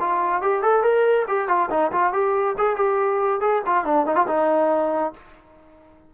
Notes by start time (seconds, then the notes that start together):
0.00 F4
0.42 G4
0.62 A4
0.83 A#4
1.28 G4
1.48 F4
1.70 D#4
1.92 F4
2.13 G4
2.58 G#4
2.77 G4
3.41 G#4
3.66 F4
3.85 D4
4.07 D#4
4.16 F4
4.28 D#4